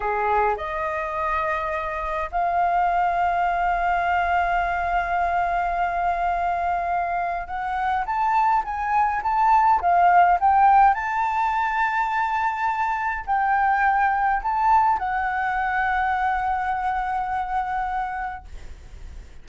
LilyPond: \new Staff \with { instrumentName = "flute" } { \time 4/4 \tempo 4 = 104 gis'4 dis''2. | f''1~ | f''1~ | f''4 fis''4 a''4 gis''4 |
a''4 f''4 g''4 a''4~ | a''2. g''4~ | g''4 a''4 fis''2~ | fis''1 | }